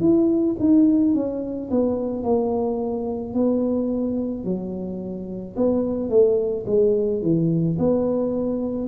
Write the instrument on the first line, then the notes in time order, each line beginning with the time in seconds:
tuba
0.00 E4
0.59 D#4
1.14 C#4
1.71 B3
2.23 A#3
3.34 B3
4.44 F#3
5.57 B3
6.10 A3
6.66 G#3
7.22 E3
7.79 B3